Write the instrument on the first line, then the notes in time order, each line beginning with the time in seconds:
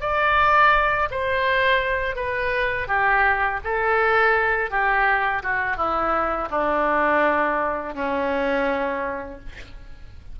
oboe
0.00 D5
1.10 C5
2.15 B4
2.87 G4
3.64 A4
4.70 G4
5.43 F#4
5.76 E4
6.50 D4
7.94 C#4